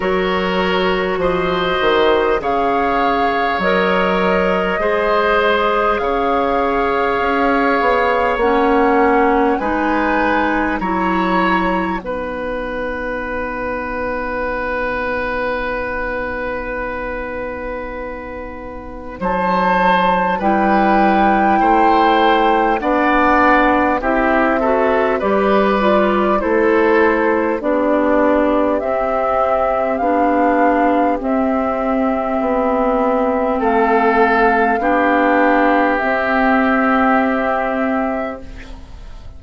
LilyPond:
<<
  \new Staff \with { instrumentName = "flute" } { \time 4/4 \tempo 4 = 50 cis''4 dis''4 f''4 dis''4~ | dis''4 f''2 fis''4 | gis''4 ais''4 fis''2~ | fis''1 |
a''4 g''2 fis''4 | e''4 d''4 c''4 d''4 | e''4 f''4 e''2 | f''2 e''2 | }
  \new Staff \with { instrumentName = "oboe" } { \time 4/4 ais'4 c''4 cis''2 | c''4 cis''2. | b'4 cis''4 b'2~ | b'1 |
c''4 b'4 c''4 d''4 | g'8 a'8 b'4 a'4 g'4~ | g'1 | a'4 g'2. | }
  \new Staff \with { instrumentName = "clarinet" } { \time 4/4 fis'2 gis'4 ais'4 | gis'2. cis'4 | dis'4 e'4 dis'2~ | dis'1~ |
dis'4 e'2 d'4 | e'8 fis'8 g'8 f'8 e'4 d'4 | c'4 d'4 c'2~ | c'4 d'4 c'2 | }
  \new Staff \with { instrumentName = "bassoon" } { \time 4/4 fis4 f8 dis8 cis4 fis4 | gis4 cis4 cis'8 b8 ais4 | gis4 fis4 b2~ | b1 |
fis4 g4 a4 b4 | c'4 g4 a4 b4 | c'4 b4 c'4 b4 | a4 b4 c'2 | }
>>